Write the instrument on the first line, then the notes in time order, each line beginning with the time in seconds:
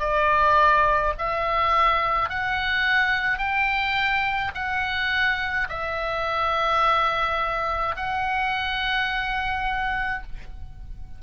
oboe
0.00 D5
1.18 E5
2.29 F#5
3.38 G5
4.54 F#5
5.69 E5
7.96 F#5